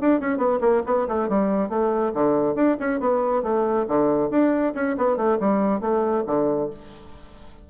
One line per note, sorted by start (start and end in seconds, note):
0.00 0.20 D4
0.20 0.37 C#4
0.37 0.59 B3
0.61 0.82 A#3
0.86 1.08 B3
1.08 1.29 A3
1.29 1.69 G3
1.69 2.12 A3
2.14 2.55 D3
2.55 2.77 D4
2.80 3.00 C#4
3.00 3.43 B3
3.43 3.86 A3
3.88 4.30 D3
4.30 4.73 D4
4.75 4.96 C#4
4.97 5.16 B3
5.16 5.38 A3
5.40 5.81 G3
5.81 6.24 A3
6.26 6.70 D3